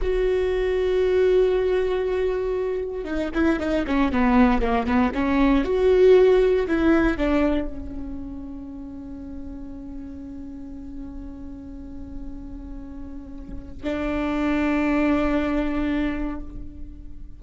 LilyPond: \new Staff \with { instrumentName = "viola" } { \time 4/4 \tempo 4 = 117 fis'1~ | fis'2 dis'8 e'8 dis'8 cis'8 | b4 ais8 b8 cis'4 fis'4~ | fis'4 e'4 d'4 cis'4~ |
cis'1~ | cis'1~ | cis'2. d'4~ | d'1 | }